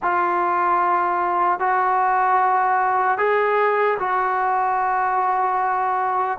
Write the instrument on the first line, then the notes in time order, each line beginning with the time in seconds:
trombone
0.02 F4
1.59 F#4
3.17 G#4
3.99 F#4